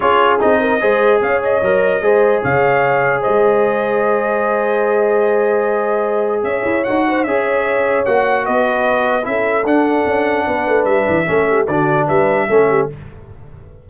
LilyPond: <<
  \new Staff \with { instrumentName = "trumpet" } { \time 4/4 \tempo 4 = 149 cis''4 dis''2 f''8 dis''8~ | dis''2 f''2 | dis''1~ | dis''1 |
e''4 fis''4 e''2 | fis''4 dis''2 e''4 | fis''2. e''4~ | e''4 d''4 e''2 | }
  \new Staff \with { instrumentName = "horn" } { \time 4/4 gis'4. ais'8 c''4 cis''4~ | cis''4 c''4 cis''2 | c''1~ | c''1 |
cis''4. c''8 cis''2~ | cis''4 b'2 a'4~ | a'2 b'2 | a'8 g'8 fis'4 b'4 a'8 g'8 | }
  \new Staff \with { instrumentName = "trombone" } { \time 4/4 f'4 dis'4 gis'2 | ais'4 gis'2.~ | gis'1~ | gis'1~ |
gis'4 fis'4 gis'2 | fis'2. e'4 | d'1 | cis'4 d'2 cis'4 | }
  \new Staff \with { instrumentName = "tuba" } { \time 4/4 cis'4 c'4 gis4 cis'4 | fis4 gis4 cis2 | gis1~ | gis1 |
cis'8 e'8 dis'4 cis'2 | ais4 b2 cis'4 | d'4 cis'4 b8 a8 g8 e8 | a4 d4 g4 a4 | }
>>